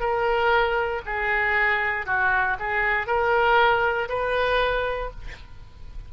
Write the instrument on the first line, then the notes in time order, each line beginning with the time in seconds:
oboe
0.00 A#4
1.06 G#4
2.06 F#4
2.59 G#4
3.07 A#4
4.09 B4